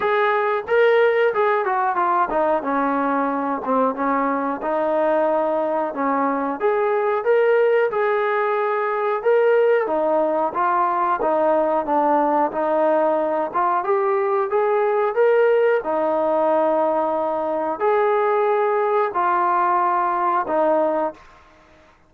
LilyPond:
\new Staff \with { instrumentName = "trombone" } { \time 4/4 \tempo 4 = 91 gis'4 ais'4 gis'8 fis'8 f'8 dis'8 | cis'4. c'8 cis'4 dis'4~ | dis'4 cis'4 gis'4 ais'4 | gis'2 ais'4 dis'4 |
f'4 dis'4 d'4 dis'4~ | dis'8 f'8 g'4 gis'4 ais'4 | dis'2. gis'4~ | gis'4 f'2 dis'4 | }